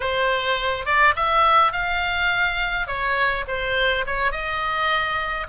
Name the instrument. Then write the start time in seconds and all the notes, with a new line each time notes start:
oboe
0.00 C5
0.85 D5
1.16 E5
1.72 F5
2.87 C#5
3.47 C5
4.06 C#5
4.31 D#5